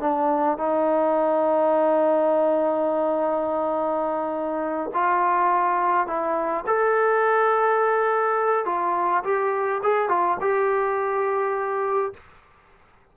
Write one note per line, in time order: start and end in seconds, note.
0.00 0.57 D4
0.57 4.90 D#4
4.94 6.07 F4
6.07 6.64 E4
6.66 8.65 A4
8.65 9.23 F4
9.23 9.81 G4
9.83 10.08 G#4
10.08 10.37 F4
10.40 12.13 G4